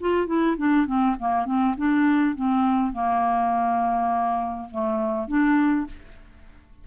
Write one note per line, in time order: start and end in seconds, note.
0.00 0.26 F4
0.26 0.56 E4
0.56 0.86 D4
0.86 1.15 C4
1.19 1.45 A#3
1.45 1.75 C4
1.77 2.35 D4
2.35 2.92 C4
2.92 4.69 A#3
4.70 5.27 A3
5.27 5.86 D4